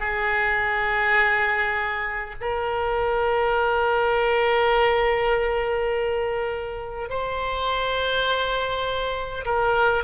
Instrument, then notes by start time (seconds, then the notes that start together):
oboe
0.00 G#4
2.41 A#4
7.10 C5
9.45 A#4